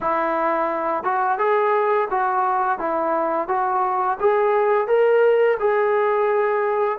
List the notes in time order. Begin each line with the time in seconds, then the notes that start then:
0.00 E4
1.03 F#4
1.38 G#4
2.10 F#4
2.78 E4
3.48 F#4
4.20 G#4
4.87 A#4
5.59 G#4